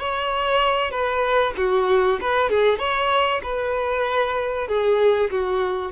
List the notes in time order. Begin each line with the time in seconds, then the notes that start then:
0.00 C#5
0.91 B4
1.57 F#4
2.21 B4
2.50 G#4
2.79 C#5
3.43 B4
4.68 G#4
5.31 F#4